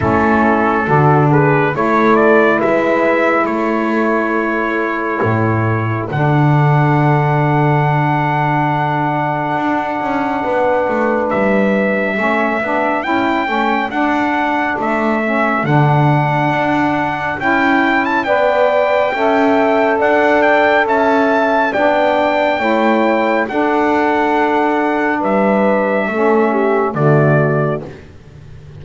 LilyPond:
<<
  \new Staff \with { instrumentName = "trumpet" } { \time 4/4 \tempo 4 = 69 a'4. b'8 cis''8 d''8 e''4 | cis''2. fis''4~ | fis''1~ | fis''4 e''2 g''4 |
fis''4 e''4 fis''2 | g''8. a''16 g''2 fis''8 g''8 | a''4 g''2 fis''4~ | fis''4 e''2 d''4 | }
  \new Staff \with { instrumentName = "horn" } { \time 4/4 e'4 fis'8 gis'8 a'4 b'4 | a'1~ | a'1 | b'2 a'2~ |
a'1~ | a'4 d''4 e''4 d''4 | e''4 d''4 cis''4 a'4~ | a'4 b'4 a'8 g'8 fis'4 | }
  \new Staff \with { instrumentName = "saxophone" } { \time 4/4 cis'4 d'4 e'2~ | e'2. d'4~ | d'1~ | d'2 cis'8 d'8 e'8 cis'8 |
d'4. cis'8 d'2 | e'4 b'4 a'2~ | a'4 d'4 e'4 d'4~ | d'2 cis'4 a4 | }
  \new Staff \with { instrumentName = "double bass" } { \time 4/4 a4 d4 a4 gis4 | a2 a,4 d4~ | d2. d'8 cis'8 | b8 a8 g4 a8 b8 cis'8 a8 |
d'4 a4 d4 d'4 | cis'4 b4 cis'4 d'4 | cis'4 b4 a4 d'4~ | d'4 g4 a4 d4 | }
>>